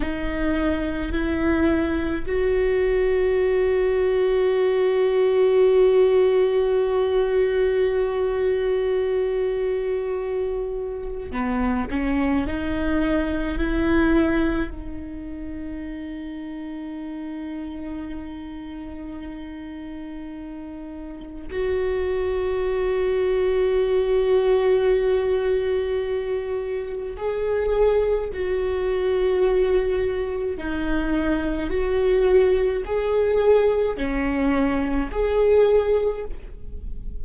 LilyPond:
\new Staff \with { instrumentName = "viola" } { \time 4/4 \tempo 4 = 53 dis'4 e'4 fis'2~ | fis'1~ | fis'2 b8 cis'8 dis'4 | e'4 dis'2.~ |
dis'2. fis'4~ | fis'1 | gis'4 fis'2 dis'4 | fis'4 gis'4 cis'4 gis'4 | }